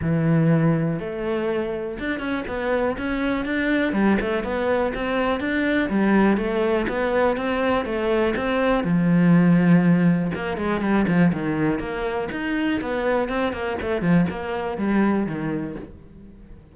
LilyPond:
\new Staff \with { instrumentName = "cello" } { \time 4/4 \tempo 4 = 122 e2 a2 | d'8 cis'8 b4 cis'4 d'4 | g8 a8 b4 c'4 d'4 | g4 a4 b4 c'4 |
a4 c'4 f2~ | f4 ais8 gis8 g8 f8 dis4 | ais4 dis'4 b4 c'8 ais8 | a8 f8 ais4 g4 dis4 | }